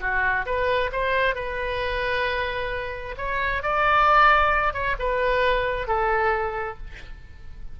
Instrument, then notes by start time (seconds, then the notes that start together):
oboe
0.00 F#4
0.45 B4
0.92 C5
1.35 B4
3.17 C#5
3.62 D5
4.73 C#5
4.99 B4
5.87 A4